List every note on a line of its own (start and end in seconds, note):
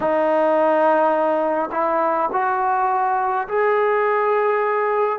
0.00 1.70 D#4
1.72 2.29 E4
2.32 3.47 F#4
3.48 5.18 G#4